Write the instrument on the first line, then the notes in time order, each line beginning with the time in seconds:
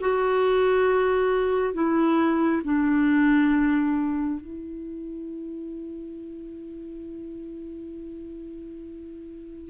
clarinet
0.00 F#4
1.73 E4
2.64 D4
4.40 E4